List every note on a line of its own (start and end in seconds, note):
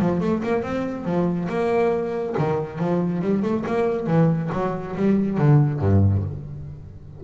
0.00 0.21 F3
0.21 0.42 A3
0.43 0.63 A#3
0.63 1.05 C4
1.05 1.49 F3
1.49 2.36 A#3
2.38 2.79 D#3
2.79 3.22 F3
3.22 3.43 G3
3.43 3.64 A3
3.67 4.07 A#3
4.07 4.50 E3
4.52 4.95 F#3
4.96 5.38 G3
5.38 5.80 D3
5.80 6.23 G2